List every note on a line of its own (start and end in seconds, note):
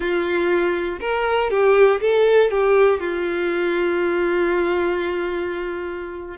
0.00 0.99 F4
1.00 1.50 A#4
1.50 2.00 G4
2.00 2.50 A4
2.50 3.00 G4
3.00 6.37 F4